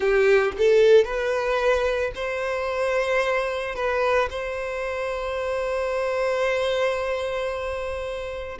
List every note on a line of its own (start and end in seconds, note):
0.00 0.52 G4
0.57 1.04 A4
1.04 2.11 B4
2.15 3.75 C5
3.75 4.29 B4
4.30 8.58 C5